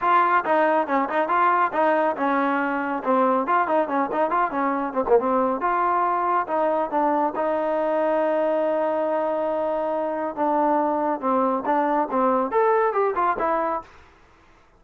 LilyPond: \new Staff \with { instrumentName = "trombone" } { \time 4/4 \tempo 4 = 139 f'4 dis'4 cis'8 dis'8 f'4 | dis'4 cis'2 c'4 | f'8 dis'8 cis'8 dis'8 f'8 cis'4 c'16 ais16 | c'4 f'2 dis'4 |
d'4 dis'2.~ | dis'1 | d'2 c'4 d'4 | c'4 a'4 g'8 f'8 e'4 | }